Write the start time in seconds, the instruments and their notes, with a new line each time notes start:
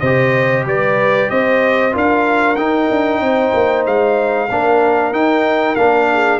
0.00 tuba C3, trombone G4, horn C5, trumpet D#5
0.65 tuba G3, horn B4, trumpet D5
1.30 tuba C4, horn C5, trumpet D#5
1.92 tuba D4, trombone F4, horn A#4, trumpet F5
2.56 tuba D#4, trombone D#4, trumpet G5
2.90 tuba D4
3.20 tuba C4, horn C5
3.54 tuba A#3
3.86 tuba G#3, trumpet F5
4.49 tuba A#3, trombone D4, horn A#4
5.11 tuba D#4, trombone D#4, trumpet G5
5.75 tuba A#3, trombone D4, trumpet F5
6.12 horn G#4